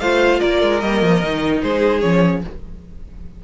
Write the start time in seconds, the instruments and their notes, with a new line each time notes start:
0.00 cello A3, viola F4, violin C5 F5
0.40 cello A#3, violin A#4 D5
0.62 cello G#3
0.80 cello G3, viola A#3, violin D#5
1.03 cello F3
1.23 cello D#3, viola D#4
1.62 cello G#3, violin G#4 C5
2.01 cello F3, viola C#4, violin C#5